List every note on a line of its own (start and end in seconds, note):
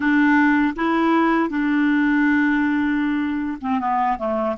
0.00 0.74 D4
0.76 1.49 E4
1.49 3.58 D4
3.61 3.79 C4
3.79 4.17 B3
4.18 4.56 A3